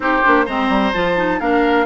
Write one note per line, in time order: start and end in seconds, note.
0.00 0.19 C4
0.00 0.22 D#4
0.00 0.45 G4
0.00 0.46 C5
0.24 0.47 A#3
0.24 0.47 D4
0.45 0.68 G#3
0.45 0.94 C4
0.45 1.39 C5
0.45 0.93 A#5
0.68 0.92 G3
0.93 1.40 F3
0.93 1.16 F4
0.93 1.40 A5
1.16 1.40 D#4
1.40 1.85 A#3
1.40 1.85 D4
1.40 1.85 A#4
1.40 1.85 F5